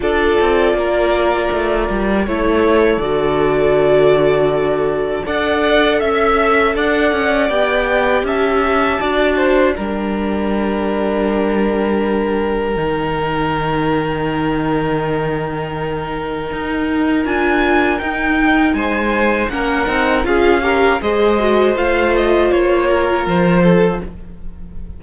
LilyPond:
<<
  \new Staff \with { instrumentName = "violin" } { \time 4/4 \tempo 4 = 80 d''2. cis''4 | d''2. fis''4 | e''4 fis''4 g''4 a''4~ | a''4 g''2.~ |
g''1~ | g''2. gis''4 | g''4 gis''4 fis''4 f''4 | dis''4 f''8 dis''8 cis''4 c''4 | }
  \new Staff \with { instrumentName = "violin" } { \time 4/4 a'4 ais'2 a'4~ | a'2. d''4 | e''4 d''2 e''4 | d''8 c''8 ais'2.~ |
ais'1~ | ais'1~ | ais'4 c''4 ais'4 gis'8 ais'8 | c''2~ c''8 ais'4 a'8 | }
  \new Staff \with { instrumentName = "viola" } { \time 4/4 f'2. e'4 | fis'2. a'4~ | a'2 g'2 | fis'4 d'2.~ |
d'4 dis'2.~ | dis'2. f'4 | dis'2 cis'8 dis'8 f'8 g'8 | gis'8 fis'8 f'2. | }
  \new Staff \with { instrumentName = "cello" } { \time 4/4 d'8 c'8 ais4 a8 g8 a4 | d2. d'4 | cis'4 d'8 cis'8 b4 cis'4 | d'4 g2.~ |
g4 dis2.~ | dis2 dis'4 d'4 | dis'4 gis4 ais8 c'8 cis'4 | gis4 a4 ais4 f4 | }
>>